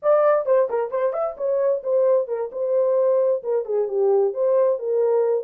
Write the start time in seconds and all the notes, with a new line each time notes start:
0.02 D5
0.45 C5
0.69 A#4
0.90 C5
1.12 E5
1.37 C#5
1.83 C5
2.27 A#4
2.51 C5
3.43 A#4
3.65 G#4
3.88 G4
4.33 C5
4.78 A#4